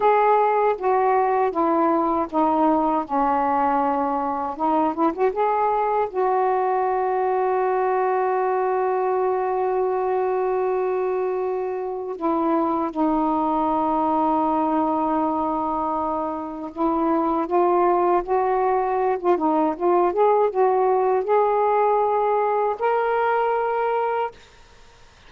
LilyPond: \new Staff \with { instrumentName = "saxophone" } { \time 4/4 \tempo 4 = 79 gis'4 fis'4 e'4 dis'4 | cis'2 dis'8 e'16 fis'16 gis'4 | fis'1~ | fis'1 |
e'4 dis'2.~ | dis'2 e'4 f'4 | fis'4~ fis'16 f'16 dis'8 f'8 gis'8 fis'4 | gis'2 ais'2 | }